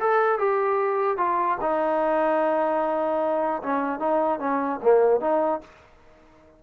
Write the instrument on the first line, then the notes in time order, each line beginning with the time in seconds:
trombone
0.00 A4
0.39 G4
1.18 F4
1.61 D#4
3.63 C#4
4.00 D#4
4.40 C#4
4.83 A#3
5.21 D#4